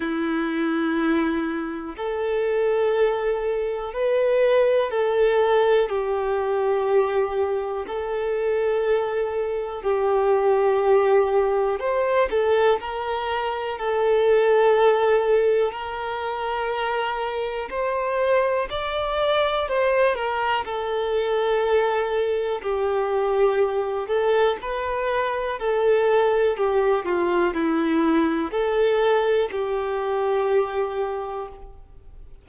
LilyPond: \new Staff \with { instrumentName = "violin" } { \time 4/4 \tempo 4 = 61 e'2 a'2 | b'4 a'4 g'2 | a'2 g'2 | c''8 a'8 ais'4 a'2 |
ais'2 c''4 d''4 | c''8 ais'8 a'2 g'4~ | g'8 a'8 b'4 a'4 g'8 f'8 | e'4 a'4 g'2 | }